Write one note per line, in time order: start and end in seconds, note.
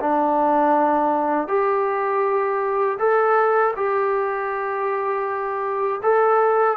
0.00 1.47 D4
1.47 2.97 G4
2.99 3.74 A4
3.76 6.01 G4
6.02 6.77 A4